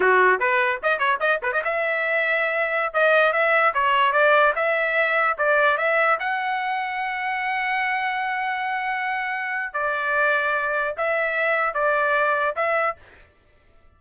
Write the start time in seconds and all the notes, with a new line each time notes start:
0.00 F#4
0.39 B4
0.83 D#5
0.98 C#5
1.20 D#5
1.42 B4
1.52 D#5
1.64 E5
2.93 D#5
3.32 E5
3.74 C#5
4.12 D5
4.55 E5
5.38 D5
5.77 E5
6.19 F#5
9.73 D5
10.97 E5
11.74 D5
12.56 E5